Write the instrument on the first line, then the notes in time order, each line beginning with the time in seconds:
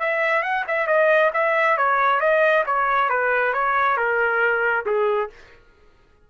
trumpet
0.00 E5
0.43 F#5
0.68 E5
0.87 D#5
1.34 E5
1.78 C#5
2.20 D#5
2.66 C#5
3.10 B4
3.54 C#5
3.97 A#4
4.86 G#4